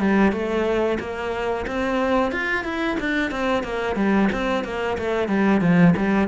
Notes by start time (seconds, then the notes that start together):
0.00 G3
0.32 A3
1.00 A#3
1.67 C4
2.32 F4
2.64 E4
3.00 D4
3.31 C4
3.64 A#3
3.96 G3
4.32 C4
4.65 A#3
4.98 A3
5.28 G3
5.61 F3
5.97 G3